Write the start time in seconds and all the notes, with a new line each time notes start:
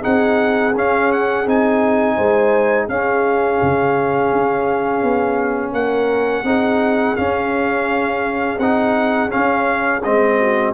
0.00 C4 D#4 G#4 F#5
0.75 C#4 F5
1.12 F#5
1.46 C4 D#4 G#5
2.15 G#3 C5
2.88 C#4 G#4 F5
3.62 C#3
4.32 C#4
5.03 B3
5.72 A#3 A#4 F#5
6.43 C4 D#4 G#4
7.16 C#4 F5
8.58 C4 D#4 F#5
9.29 C#4 F5
9.35 C#4
10.03 G#3 C4 D#5
10.39 F#4